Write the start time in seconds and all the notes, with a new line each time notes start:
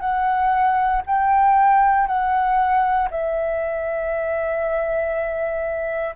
0.00 F#5
1.06 G5
2.07 F#5
3.11 E5